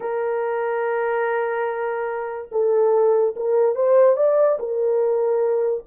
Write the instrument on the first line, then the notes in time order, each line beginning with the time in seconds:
horn
0.00 A#4
2.51 A4
3.36 A#4
3.75 C5
4.16 D5
4.59 A#4